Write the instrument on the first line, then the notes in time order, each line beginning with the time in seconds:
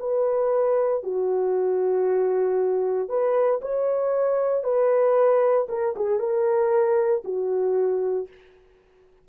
horn
0.00 B4
1.03 F#4
3.09 B4
3.62 C#5
4.64 B4
5.69 A#4
5.96 G#4
6.20 A#4
7.25 F#4